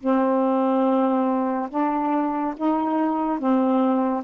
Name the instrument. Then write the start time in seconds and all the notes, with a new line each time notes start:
saxophone
0.00 C4
1.70 D4
2.57 D#4
3.39 C4